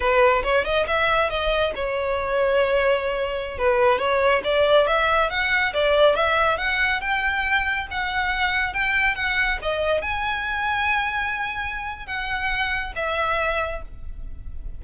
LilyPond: \new Staff \with { instrumentName = "violin" } { \time 4/4 \tempo 4 = 139 b'4 cis''8 dis''8 e''4 dis''4 | cis''1~ | cis''16 b'4 cis''4 d''4 e''8.~ | e''16 fis''4 d''4 e''4 fis''8.~ |
fis''16 g''2 fis''4.~ fis''16~ | fis''16 g''4 fis''4 dis''4 gis''8.~ | gis''1 | fis''2 e''2 | }